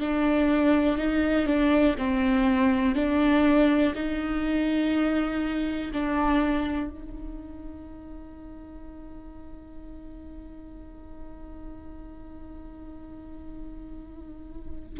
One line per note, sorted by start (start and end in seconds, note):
0.00 0.97 D4
0.97 1.46 D#4
1.46 1.95 D4
1.98 2.95 C4
2.95 3.93 D4
3.94 5.91 D#4
5.93 6.90 D4
6.90 15.00 D#4